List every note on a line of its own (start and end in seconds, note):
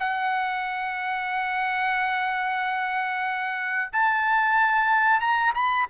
0.00 3.91 F#5
3.93 5.21 A5
5.21 5.54 A#5
5.55 5.87 B5